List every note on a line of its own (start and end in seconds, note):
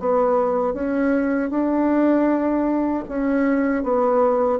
0.00 0.74 B3
0.74 1.50 C#4
1.50 3.04 D4
3.09 3.83 C#4
3.83 4.60 B3